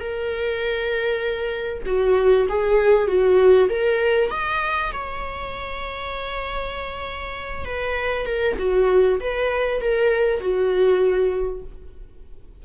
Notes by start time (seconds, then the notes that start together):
0.00 A#4
1.86 F#4
2.49 G#4
3.08 F#4
3.70 A#4
4.31 D#5
4.93 C#5
7.65 B4
8.26 A#4
8.59 F#4
9.21 B4
9.81 A#4
10.41 F#4